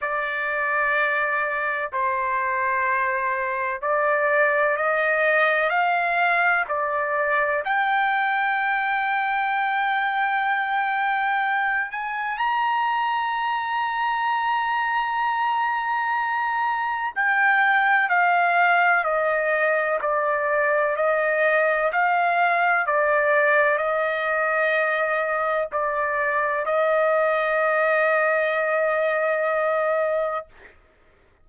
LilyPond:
\new Staff \with { instrumentName = "trumpet" } { \time 4/4 \tempo 4 = 63 d''2 c''2 | d''4 dis''4 f''4 d''4 | g''1~ | g''8 gis''8 ais''2.~ |
ais''2 g''4 f''4 | dis''4 d''4 dis''4 f''4 | d''4 dis''2 d''4 | dis''1 | }